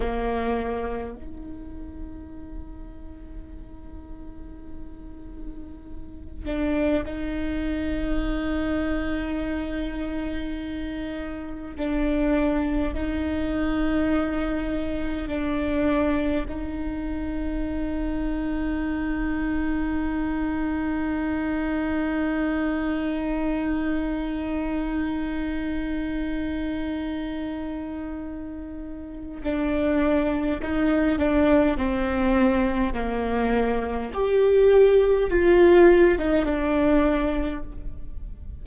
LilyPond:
\new Staff \with { instrumentName = "viola" } { \time 4/4 \tempo 4 = 51 ais4 dis'2.~ | dis'4. d'8 dis'2~ | dis'2 d'4 dis'4~ | dis'4 d'4 dis'2~ |
dis'1~ | dis'1~ | dis'4 d'4 dis'8 d'8 c'4 | ais4 g'4 f'8. dis'16 d'4 | }